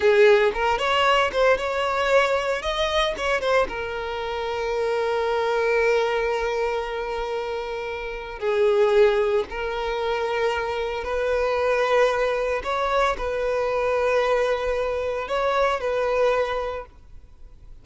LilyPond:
\new Staff \with { instrumentName = "violin" } { \time 4/4 \tempo 4 = 114 gis'4 ais'8 cis''4 c''8 cis''4~ | cis''4 dis''4 cis''8 c''8 ais'4~ | ais'1~ | ais'1 |
gis'2 ais'2~ | ais'4 b'2. | cis''4 b'2.~ | b'4 cis''4 b'2 | }